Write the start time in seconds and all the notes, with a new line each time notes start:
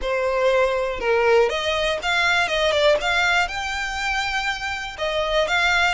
0.01 C5
0.99 A#4
1.49 D#5
2.02 F5
2.48 D#5
2.71 D5
3.00 F5
3.48 G5
4.98 D#5
5.47 F5